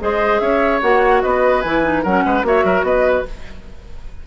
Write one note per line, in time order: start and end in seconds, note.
0.00 0.40 G#3
0.00 0.82 G#4
0.00 0.41 C5
0.00 0.39 D#5
0.39 0.81 C#4
0.39 1.22 C#5
0.39 0.80 E5
0.81 1.23 A#3
0.81 1.63 F#4
0.81 1.22 F#5
1.22 1.64 B3
1.22 2.02 B4
1.22 1.61 D#5
1.61 2.04 E3
1.61 1.83 E4
1.61 2.02 G#5
1.83 2.03 D#4
2.02 2.24 F#3
2.02 2.44 C#4
2.02 2.23 A#4
2.02 2.44 F#5
2.25 2.42 G#3
2.25 2.46 B4
2.42 2.63 A#3
2.42 3.25 F#4
2.42 2.64 C#5
2.42 2.84 E5
2.64 2.82 F#3
2.64 2.85 A#4
2.82 3.23 B3
2.82 3.26 B4
2.82 3.25 D#5